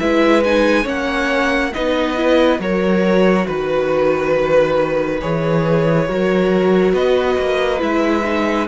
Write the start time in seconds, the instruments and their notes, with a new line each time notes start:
0.00 cello G#3, viola E4, violin B4 E5
0.44 viola D#4, violin G#5
0.84 cello A#3, viola C#4, violin C#5 F#5
1.74 cello B3, viola D#4, violin B4 D#5
2.17 viola E4
2.59 cello F#3, viola F#4, violin A#4 C#5
3.47 cello D#3, violin B4
5.21 cello E3, viola G#4, violin C#5
6.08 cello F#3, viola F#4, violin A#4
6.93 cello B3, violin B4 D#5
7.39 cello A#3
7.79 cello G#3, viola E4, violin E5
8.25 viola D#4